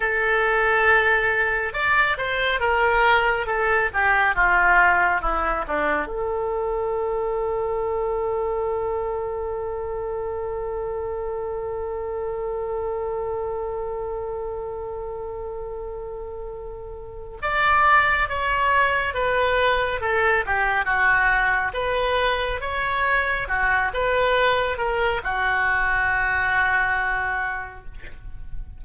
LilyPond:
\new Staff \with { instrumentName = "oboe" } { \time 4/4 \tempo 4 = 69 a'2 d''8 c''8 ais'4 | a'8 g'8 f'4 e'8 d'8 a'4~ | a'1~ | a'1~ |
a'1 | d''4 cis''4 b'4 a'8 g'8 | fis'4 b'4 cis''4 fis'8 b'8~ | b'8 ais'8 fis'2. | }